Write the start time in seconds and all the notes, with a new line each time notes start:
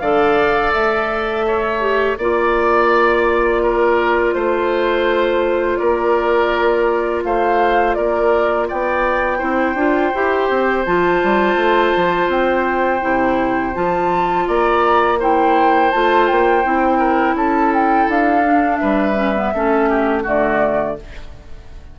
0.00 D3 A4 D5 F5
0.73 A3 E5
1.47 C#5
1.81 G4
2.18 A#3 F4 D5
3.63 A#4
4.34 A3 C5
5.77 A#3 A#4 D5
7.24 A3 C5 F5
7.94 A#3 A#4 D5
8.68 B3 D5 G5
9.38 C4 E4 C5
9.75 D4 F4
10.14 E4 G4
10.50 C4
10.85 F3 F4 A5
11.23 G3
11.56 A3
11.97 F3
12.28 C4 G5
13.01 C3 E4
13.74 F3 F4 A5
14.48 A#3 D5 A#5
15.20 E4 C5 G5
15.92 A3 F4 A5
16.28 A#3 G5
16.64 C4 E4
16.99 A#4
17.35 C#4 A4 A5
17.74 G5
18.08 D4 F5
18.44 D4
18.77 G3 B4 E5
19.15 C#4
19.36 B3
19.54 A3 C#4 A4
19.90 G4
20.23 D3 A3 F#4 D5